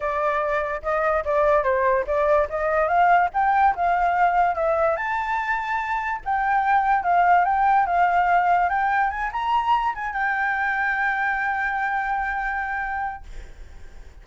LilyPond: \new Staff \with { instrumentName = "flute" } { \time 4/4 \tempo 4 = 145 d''2 dis''4 d''4 | c''4 d''4 dis''4 f''4 | g''4 f''2 e''4 | a''2. g''4~ |
g''4 f''4 g''4 f''4~ | f''4 g''4 gis''8 ais''4. | gis''8 g''2.~ g''8~ | g''1 | }